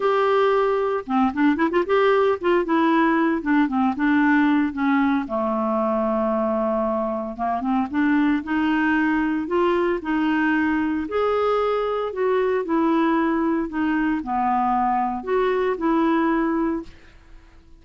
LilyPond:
\new Staff \with { instrumentName = "clarinet" } { \time 4/4 \tempo 4 = 114 g'2 c'8 d'8 e'16 f'16 g'8~ | g'8 f'8 e'4. d'8 c'8 d'8~ | d'4 cis'4 a2~ | a2 ais8 c'8 d'4 |
dis'2 f'4 dis'4~ | dis'4 gis'2 fis'4 | e'2 dis'4 b4~ | b4 fis'4 e'2 | }